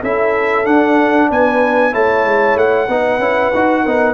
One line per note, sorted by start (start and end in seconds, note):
0.00 0.66 C#4
0.00 0.64 E4
0.00 1.28 A4
0.00 0.66 E5
0.64 1.91 D4
0.64 1.30 D4
0.64 1.29 F#5
1.30 1.94 B3
1.30 1.92 B4
1.30 1.94 G#5
1.91 2.24 A3
1.91 2.87 E4
1.91 2.88 C#5
1.91 2.57 A5
2.24 2.55 G#3
2.55 2.87 A3
2.55 4.14 F#5
2.88 3.19 B3
2.88 3.20 D#4
2.88 3.83 B4
3.19 3.51 C#4
3.19 3.52 E4
3.54 3.86 D#4
3.54 3.86 F#4
3.83 4.14 B3
3.83 4.14 D#4
3.83 4.14 A#4